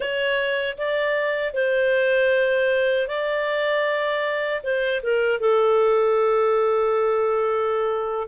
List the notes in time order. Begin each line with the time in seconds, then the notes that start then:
0.00 C#5
0.77 D5
1.53 C5
3.07 D5
4.63 C5
5.02 A#4
5.40 A4